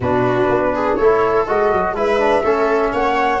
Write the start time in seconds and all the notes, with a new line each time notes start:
0.00 B2 D4 F#4 B4
0.49 B3
0.74 G#4
0.95 A3 E4 A4 C#5
1.46 G#3 F#4 D#5
1.72 F#3
1.92 G#3 E4 B4 E5
2.18 D4
2.43 A3 C#4 A4
2.92 A#3 C#5 F#5